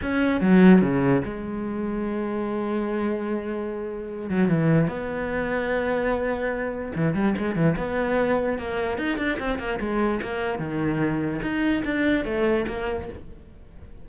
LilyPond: \new Staff \with { instrumentName = "cello" } { \time 4/4 \tempo 4 = 147 cis'4 fis4 cis4 gis4~ | gis1~ | gis2~ gis8 fis8 e4 | b1~ |
b4 e8 g8 gis8 e8 b4~ | b4 ais4 dis'8 d'8 c'8 ais8 | gis4 ais4 dis2 | dis'4 d'4 a4 ais4 | }